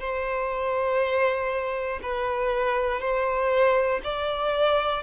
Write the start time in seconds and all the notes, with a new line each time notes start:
0.00 C5
2.02 B4
3.00 C5
4.04 D5